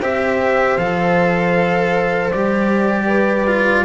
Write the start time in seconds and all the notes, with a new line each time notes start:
0.00 C4 G4 C5 E5
0.78 F3 A4 F5
2.32 G3 G4 D5
3.06 B4
3.47 F4